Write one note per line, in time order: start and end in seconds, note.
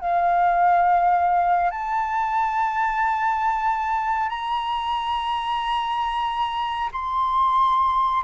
0.00 1.70 F5
1.70 4.28 A5
4.28 6.89 A#5
6.92 8.23 C6